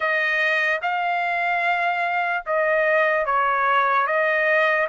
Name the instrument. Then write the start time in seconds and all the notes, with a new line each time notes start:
trumpet
0.00 D#5
0.81 F5
2.45 D#5
3.25 C#5
4.06 D#5